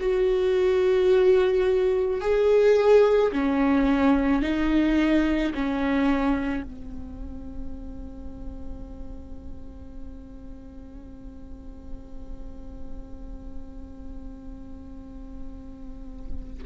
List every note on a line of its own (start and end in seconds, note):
0.00 2.21 F#4
2.21 3.32 G#4
3.32 4.42 C#4
4.42 5.54 D#4
5.54 6.63 C#4
6.63 16.63 C4